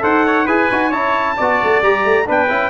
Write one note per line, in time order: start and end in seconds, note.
0.00 0.47 D#4
0.00 0.45 A4
0.00 0.26 C5
0.00 0.48 F#5
0.26 0.46 C#5
0.46 0.70 E4
0.46 0.70 G#4
0.46 0.89 B4
0.46 0.93 G#5
0.71 0.91 D#4
0.71 0.92 F#4
0.89 1.37 C#4
0.89 1.37 E4
0.89 1.34 C#5
0.89 1.83 A5
1.37 1.62 B3
1.37 1.83 F#4
1.37 2.27 D5
1.63 1.82 A3
1.82 2.05 G3
1.82 2.26 G4
1.82 2.29 A#5
2.05 2.27 A3
2.26 2.50 B3
2.26 2.48 D4
2.26 2.70 B4
2.26 2.70 G5
2.49 2.70 C#4
2.49 2.70 E4